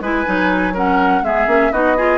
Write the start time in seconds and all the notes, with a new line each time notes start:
0.00 G#3 E4 B4 G#5
0.25 F#3 D#4
0.73 C#4 A#4 F#5
1.22 G#3 B3 G#4 E5
1.46 A#3 C#4
1.71 B3 D#4 F#4 D#5
1.96 F4 G#4